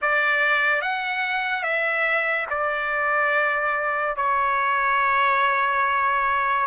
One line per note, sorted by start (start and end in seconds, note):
0.01 0.81 D5
0.81 1.63 F#5
1.63 2.46 E5
2.50 4.16 D5
4.16 6.66 C#5